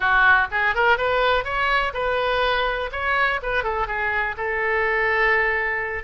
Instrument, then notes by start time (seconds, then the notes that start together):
oboe
0.00 F#4
0.51 G#4
0.74 A#4
0.97 B4
1.44 C#5
1.93 B4
2.92 C#5
3.42 B4
3.63 A4
3.87 G#4
4.37 A4